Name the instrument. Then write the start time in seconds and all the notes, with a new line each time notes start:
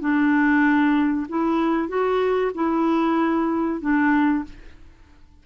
clarinet
0.00 D4
1.29 E4
1.88 F#4
2.54 E4
3.81 D4